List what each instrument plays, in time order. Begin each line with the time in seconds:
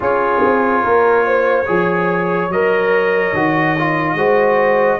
0.00 tuba C#4, trombone F4, horn G#4, trumpet C#5
0.43 tuba C4
0.83 tuba A#3, horn A#4
1.25 horn C5
1.65 tuba F3, trombone G#4, horn C#5
2.48 tuba F#3, trombone A#4, trumpet D#5
3.32 tuba D#3, trombone F#4
3.78 trombone F4
4.14 tuba G#3, trombone F#4, horn C5